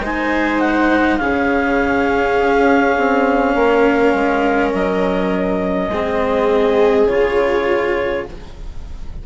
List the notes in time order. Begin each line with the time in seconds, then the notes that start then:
0.00 G#3 D#4 C5 G#5
0.59 F#5
1.17 C#3 C#4 G#4 F5
2.39 C#4
2.97 C4
3.55 A#3 A#4
4.13 G#3
4.73 F#3 D#5
5.88 G#3 C4 G#4
7.06 C#3 F4 C#5